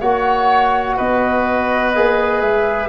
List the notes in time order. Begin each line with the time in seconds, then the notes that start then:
0.00 A#3 F#4 C#5 F#5
0.96 B3 B4 D#5
1.95 A#3 G#4
2.41 G#3 E5